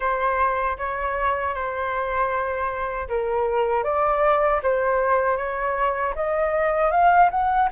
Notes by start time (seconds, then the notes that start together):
0.00 C5
0.77 C#5
1.54 C5
3.08 A#4
3.83 D5
4.62 C5
5.37 C#5
6.15 D#5
6.91 F5
7.30 F#5